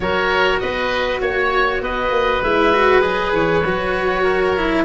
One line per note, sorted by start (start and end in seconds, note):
0.00 0.61 F#3
0.00 2.43 F#4
0.00 0.61 A#4
0.00 0.59 C#5
0.59 1.21 B3
0.59 1.21 B4
0.59 1.20 D#5
1.20 1.81 A#3
1.20 1.81 C#5
1.20 1.82 C#5
1.81 2.10 B3
1.81 4.23 B4
1.81 2.43 D#5
2.10 2.40 A#3
2.42 3.03 G#3
2.42 2.73 E4
2.42 3.01 E5
2.73 3.01 F#4
3.01 3.32 F#3
3.01 3.62 G#4
3.01 3.31 D#5
3.32 3.62 E3
3.32 4.84 C#5
3.65 4.84 F#3
3.65 4.56 F#4
4.23 4.83 A#4
4.56 4.84 E4